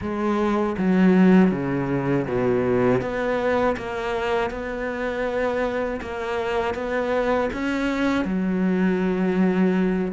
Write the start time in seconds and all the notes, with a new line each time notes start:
0.01 G#3
0.78 F#3
1.51 C#3
2.27 B2
3.01 B3
3.77 A#3
4.50 B3
6.01 A#3
6.74 B3
7.53 C#4
8.24 F#3